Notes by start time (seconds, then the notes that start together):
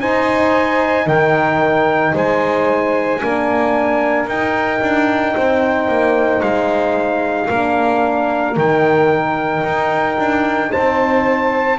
0.00 D#4 C5 G#5
1.05 D#3 A#4 G5
2.14 G#3 C5 G#5
3.21 A#3 D4 A#4
4.27 D#4 G5
4.81 D4
5.34 C4 C5
5.88 A#3
6.42 G#3 F5
7.47 A#3 D4 A#4
8.57 D#3 D#4 G5
9.64 D#4
10.18 D4
10.72 C4 C5 A5